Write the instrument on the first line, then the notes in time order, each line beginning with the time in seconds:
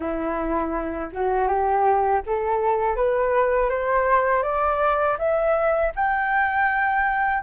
flute
0.00 E4
1.12 F#4
1.47 G4
2.26 A4
2.96 B4
3.69 C5
4.42 D5
5.18 E5
5.95 G5